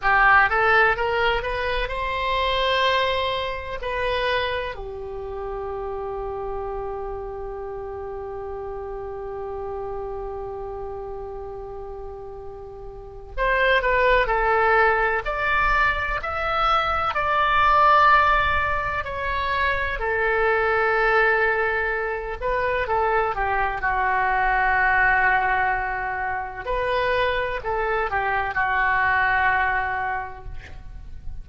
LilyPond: \new Staff \with { instrumentName = "oboe" } { \time 4/4 \tempo 4 = 63 g'8 a'8 ais'8 b'8 c''2 | b'4 g'2.~ | g'1~ | g'2 c''8 b'8 a'4 |
d''4 e''4 d''2 | cis''4 a'2~ a'8 b'8 | a'8 g'8 fis'2. | b'4 a'8 g'8 fis'2 | }